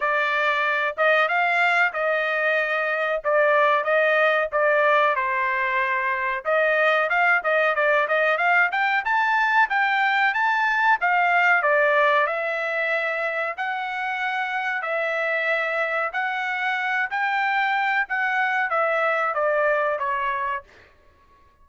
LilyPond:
\new Staff \with { instrumentName = "trumpet" } { \time 4/4 \tempo 4 = 93 d''4. dis''8 f''4 dis''4~ | dis''4 d''4 dis''4 d''4 | c''2 dis''4 f''8 dis''8 | d''8 dis''8 f''8 g''8 a''4 g''4 |
a''4 f''4 d''4 e''4~ | e''4 fis''2 e''4~ | e''4 fis''4. g''4. | fis''4 e''4 d''4 cis''4 | }